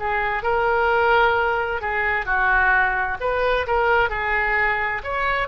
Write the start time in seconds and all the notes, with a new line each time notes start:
0.00 G#4
0.43 A#4
1.82 G#4
2.26 F#4
3.21 B4
3.67 A#4
4.10 G#4
5.03 C#5